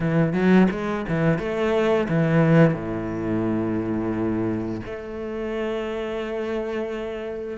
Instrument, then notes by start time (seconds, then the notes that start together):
cello
0.00 E3
0.33 F#3
0.71 G#3
1.08 E3
1.38 A3
2.08 E3
2.74 A2
4.85 A3